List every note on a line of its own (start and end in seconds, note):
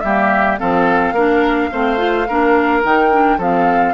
0.00 0.59 G3
0.00 0.59 A#3
0.00 0.59 G4
0.00 0.56 E5
0.59 1.12 F3
0.59 1.15 C4
0.59 1.14 A4
0.59 2.83 F5
1.12 1.68 A#3
1.12 1.71 D4
1.12 1.70 A#4
1.71 2.29 A3
1.71 1.98 C4
1.71 2.28 C5
1.98 2.26 F4
2.28 2.84 A#3
2.28 2.83 D4
2.28 3.38 A#4
2.83 3.37 D#3
2.83 3.11 D#4
2.83 3.40 G5
3.11 3.39 D4
3.37 3.94 F3
3.37 3.94 C4
3.37 3.94 A4
3.37 3.94 F5